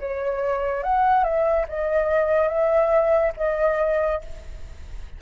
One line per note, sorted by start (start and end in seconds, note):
0.00 0.83 C#5
0.83 1.24 F#5
1.24 1.66 E5
1.68 2.49 D#5
2.49 3.33 E5
3.37 4.21 D#5